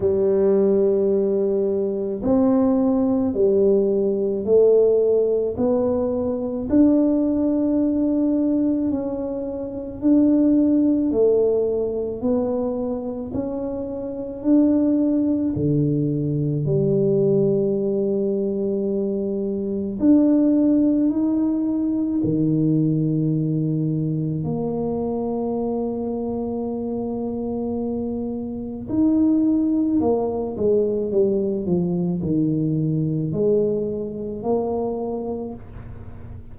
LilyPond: \new Staff \with { instrumentName = "tuba" } { \time 4/4 \tempo 4 = 54 g2 c'4 g4 | a4 b4 d'2 | cis'4 d'4 a4 b4 | cis'4 d'4 d4 g4~ |
g2 d'4 dis'4 | dis2 ais2~ | ais2 dis'4 ais8 gis8 | g8 f8 dis4 gis4 ais4 | }